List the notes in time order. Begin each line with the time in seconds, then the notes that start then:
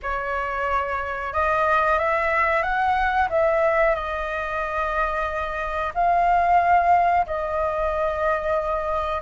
0.02 C#5
1.33 D#5
1.98 E5
2.62 F#5
3.29 E5
3.95 D#5
5.94 F5
7.26 D#5